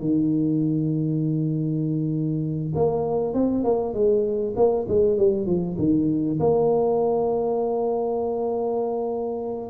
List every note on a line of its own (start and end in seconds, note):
0.00 2.73 D#3
2.75 3.34 A#3
3.34 3.64 C4
3.64 3.93 A#3
3.93 4.54 G#3
4.56 4.86 A#3
4.88 5.17 G#3
5.17 5.46 G3
5.46 5.76 F3
5.78 6.39 D#3
6.40 9.70 A#3